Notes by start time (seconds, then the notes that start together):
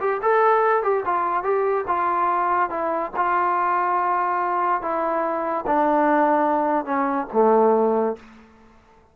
0.00 G4
0.22 A4
0.83 G4
1.05 F4
1.43 G4
1.87 F4
2.70 E4
3.16 F4
4.81 E4
5.66 D4
6.85 C#4
7.33 A3